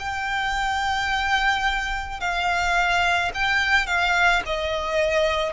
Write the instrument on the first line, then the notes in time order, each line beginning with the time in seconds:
violin
0.00 G5
2.21 F5
3.35 G5
3.87 F5
4.46 D#5